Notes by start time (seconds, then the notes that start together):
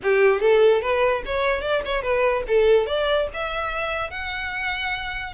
0.02 G4
0.41 A4
0.81 B4
1.25 C#5
1.61 D5
1.85 C#5
2.02 B4
2.47 A4
2.86 D5
3.33 E5
4.10 F#5